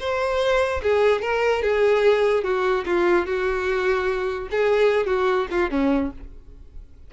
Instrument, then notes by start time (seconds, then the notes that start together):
violin
0.00 C5
0.83 G#4
1.22 A#4
1.63 G#4
2.44 F#4
2.86 F4
3.27 F#4
4.51 G#4
5.07 F#4
5.51 F4
5.71 C#4